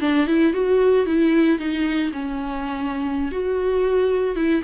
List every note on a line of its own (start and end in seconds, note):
0.00 0.27 D4
0.27 0.53 E4
0.53 1.06 F#4
1.06 1.58 E4
1.58 2.11 D#4
2.13 3.31 C#4
3.31 4.35 F#4
4.35 4.62 E4